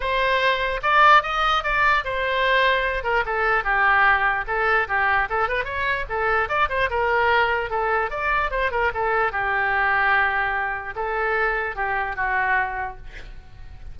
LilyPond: \new Staff \with { instrumentName = "oboe" } { \time 4/4 \tempo 4 = 148 c''2 d''4 dis''4 | d''4 c''2~ c''8 ais'8 | a'4 g'2 a'4 | g'4 a'8 b'8 cis''4 a'4 |
d''8 c''8 ais'2 a'4 | d''4 c''8 ais'8 a'4 g'4~ | g'2. a'4~ | a'4 g'4 fis'2 | }